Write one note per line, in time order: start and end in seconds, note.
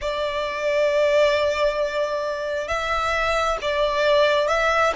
0.01 2.68 D5
2.68 3.57 E5
3.61 4.48 D5
4.48 4.93 E5